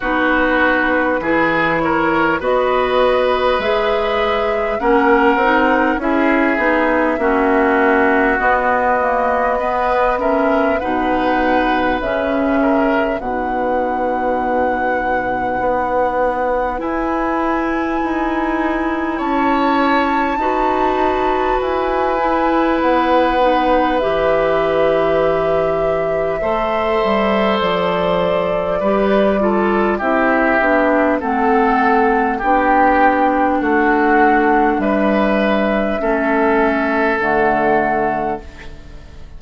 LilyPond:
<<
  \new Staff \with { instrumentName = "flute" } { \time 4/4 \tempo 4 = 50 b'4. cis''8 dis''4 e''4 | fis''4 e''2 dis''4~ | dis''8 e''8 fis''4 e''4 fis''4~ | fis''2 gis''2 |
a''2 gis''4 fis''4 | e''2. d''4~ | d''4 e''4 fis''4 g''4 | fis''4 e''2 fis''4 | }
  \new Staff \with { instrumentName = "oboe" } { \time 4/4 fis'4 gis'8 ais'8 b'2 | ais'4 gis'4 fis'2 | b'8 ais'8 b'4. ais'8 b'4~ | b'1 |
cis''4 b'2.~ | b'2 c''2 | b'8 a'8 g'4 a'4 g'4 | fis'4 b'4 a'2 | }
  \new Staff \with { instrumentName = "clarinet" } { \time 4/4 dis'4 e'4 fis'4 gis'4 | cis'8 dis'8 e'8 dis'8 cis'4 b8 ais8 | b8 cis'8 dis'4 cis'4 dis'4~ | dis'2 e'2~ |
e'4 fis'4. e'4 dis'8 | g'2 a'2 | g'8 f'8 e'8 d'8 c'4 d'4~ | d'2 cis'4 a4 | }
  \new Staff \with { instrumentName = "bassoon" } { \time 4/4 b4 e4 b4 gis4 | ais8 c'8 cis'8 b8 ais4 b4~ | b4 b,4 cis4 b,4~ | b,4 b4 e'4 dis'4 |
cis'4 dis'4 e'4 b4 | e2 a8 g8 f4 | g4 c'8 b8 a4 b4 | a4 g4 a4 d4 | }
>>